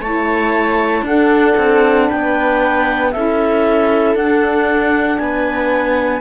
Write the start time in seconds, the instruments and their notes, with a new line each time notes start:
0.00 cello A3, saxophone E4, viola C#5, clarinet A5
1.03 cello D4, saxophone D4, viola A4, clarinet F#5
1.58 cello C4
2.09 cello B3, viola B4, clarinet G5
3.12 cello C#4, saxophone E4, viola A4, clarinet E5
4.15 cello D4, saxophone D4, clarinet F#5
5.18 cello B3, viola B4, clarinet G#5